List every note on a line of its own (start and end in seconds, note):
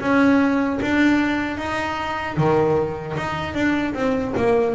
0.00 0.79 C#4
0.81 1.57 D4
1.57 2.36 D#4
2.36 3.15 D#3
3.17 3.54 D#4
3.54 3.93 D4
3.94 4.33 C4
4.36 4.75 A#3